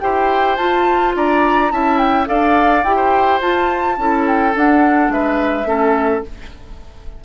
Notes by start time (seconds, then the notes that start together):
0.00 E4 G4 C5 G5
0.56 F4 A5
1.15 D4 D5 A#5
1.71 C#4 E4 E5 A5
1.98 G5
2.26 D4 A4 D5 F5
2.83 E4 G4 G5
2.96 C5
3.41 F4 A5
3.98 C#4 E4 A4
4.27 G5
4.53 D4 F#5
5.09 G#3 B4 E5
5.65 A3 C#4 A4